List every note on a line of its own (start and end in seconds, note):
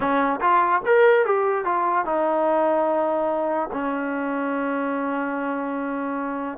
0.00 0.39 C#4
0.40 0.81 F4
0.85 1.25 A#4
1.25 1.65 G4
1.65 2.05 F4
2.05 3.69 D#4
3.72 6.58 C#4